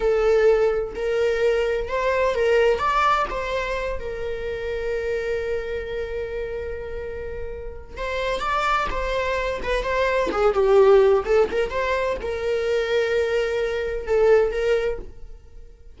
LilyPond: \new Staff \with { instrumentName = "viola" } { \time 4/4 \tempo 4 = 128 a'2 ais'2 | c''4 ais'4 d''4 c''4~ | c''8 ais'2.~ ais'8~ | ais'1~ |
ais'4 c''4 d''4 c''4~ | c''8 b'8 c''4 gis'8 g'4. | a'8 ais'8 c''4 ais'2~ | ais'2 a'4 ais'4 | }